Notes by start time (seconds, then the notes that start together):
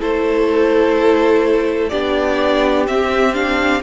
0.00 A3 E4 A4 C5
1.89 B3 D4 G4 D5
2.87 C4 E5
3.34 D4 F5